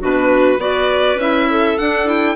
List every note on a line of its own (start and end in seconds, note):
0.00 0.58 B2
0.00 0.58 D4
0.00 0.59 F#4
0.00 0.61 B4
0.58 1.15 B3
0.58 1.17 F#4
0.58 1.48 B4
0.58 1.19 D5
1.15 1.74 C#4
1.15 1.78 E4
1.15 1.78 E5
1.50 2.36 A4
1.78 2.06 D4
1.78 2.36 D4
1.78 2.08 F#5
2.06 2.35 E4
2.06 2.36 G5